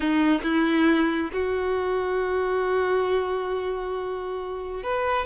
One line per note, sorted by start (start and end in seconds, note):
0.00 0.41 D#4
0.43 1.30 E4
1.33 4.83 F#4
4.83 5.25 B4